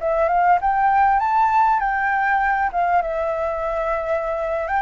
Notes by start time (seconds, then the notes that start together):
0.00 E5
0.28 F5
0.61 G5
1.20 A5
1.79 G5
2.72 F5
3.02 E5
4.67 G5